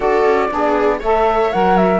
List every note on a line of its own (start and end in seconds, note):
0.00 0.24 D4
0.00 0.49 F#4
0.00 0.49 A4
0.00 1.01 D5
0.24 0.49 C#4
0.49 1.01 B3
0.49 1.00 D4
0.49 0.99 G#4
0.99 1.52 A3
0.99 1.52 A4
0.99 1.99 C#5
0.99 1.52 E5
1.52 1.99 F#3
1.52 1.99 A#4
1.52 1.77 F#5
1.77 1.99 E5